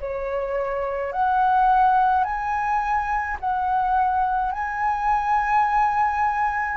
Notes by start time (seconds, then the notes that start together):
0.00 C#5
1.12 F#5
2.24 G#5
3.40 F#5
4.52 G#5